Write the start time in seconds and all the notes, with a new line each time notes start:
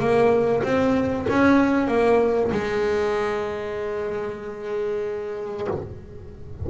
0.00 A#3
0.64 C4
1.29 C#4
1.88 A#3
2.52 G#3